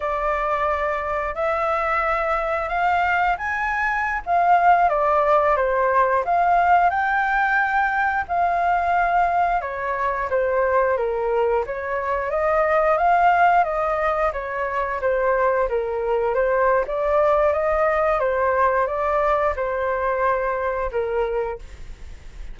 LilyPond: \new Staff \with { instrumentName = "flute" } { \time 4/4 \tempo 4 = 89 d''2 e''2 | f''4 gis''4~ gis''16 f''4 d''8.~ | d''16 c''4 f''4 g''4.~ g''16~ | g''16 f''2 cis''4 c''8.~ |
c''16 ais'4 cis''4 dis''4 f''8.~ | f''16 dis''4 cis''4 c''4 ais'8.~ | ais'16 c''8. d''4 dis''4 c''4 | d''4 c''2 ais'4 | }